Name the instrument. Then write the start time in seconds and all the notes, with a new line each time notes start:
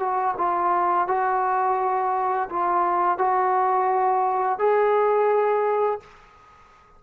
trombone
0.00 F#4
0.38 F4
1.08 F#4
2.50 F4
3.18 F#4
4.59 G#4